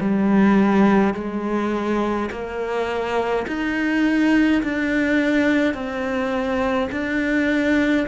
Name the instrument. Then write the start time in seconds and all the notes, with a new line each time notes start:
cello
0.00 G3
1.14 G#3
2.31 A#3
3.47 D#4
4.63 D4
5.74 C4
6.91 D4